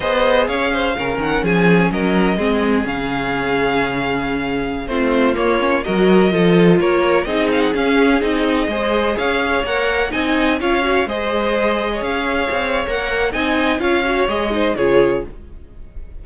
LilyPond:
<<
  \new Staff \with { instrumentName = "violin" } { \time 4/4 \tempo 4 = 126 dis''4 f''4. fis''8 gis''4 | dis''2 f''2~ | f''2~ f''16 c''4 cis''8.~ | cis''16 dis''2 cis''4 dis''8 f''16 |
fis''16 f''4 dis''2 f''8.~ | f''16 fis''4 gis''4 f''4 dis''8.~ | dis''4~ dis''16 f''4.~ f''16 fis''4 | gis''4 f''4 dis''4 cis''4 | }
  \new Staff \with { instrumentName = "violin" } { \time 4/4 c''4 cis''8 c''8 ais'4 gis'4 | ais'4 gis'2.~ | gis'2~ gis'16 f'4.~ f'16~ | f'16 ais'4 a'4 ais'4 gis'8.~ |
gis'2~ gis'16 c''4 cis''8.~ | cis''4~ cis''16 dis''4 cis''4 c''8.~ | c''4 cis''2. | dis''4 cis''4. c''8 gis'4 | }
  \new Staff \with { instrumentName = "viola" } { \time 4/4 gis'2 cis'2~ | cis'4 c'4 cis'2~ | cis'2~ cis'16 c'4 ais8 cis'16~ | cis'16 fis'4 f'2 dis'8.~ |
dis'16 cis'4 dis'4 gis'4.~ gis'16~ | gis'16 ais'4 dis'4 f'8 fis'8 gis'8.~ | gis'2. ais'4 | dis'4 f'8 fis'8 gis'8 dis'8 f'4 | }
  \new Staff \with { instrumentName = "cello" } { \time 4/4 b4 cis'4 cis8 dis8 f4 | fis4 gis4 cis2~ | cis2~ cis16 a4 ais8.~ | ais16 fis4 f4 ais4 c'8.~ |
c'16 cis'4 c'4 gis4 cis'8.~ | cis'16 ais4 c'4 cis'4 gis8.~ | gis4~ gis16 cis'4 c'8. ais4 | c'4 cis'4 gis4 cis4 | }
>>